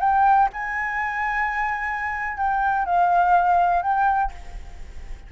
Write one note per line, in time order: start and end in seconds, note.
0.00 0.49 G5
0.53 2.37 G#5
2.37 2.85 G5
2.85 3.82 F5
3.82 4.31 G5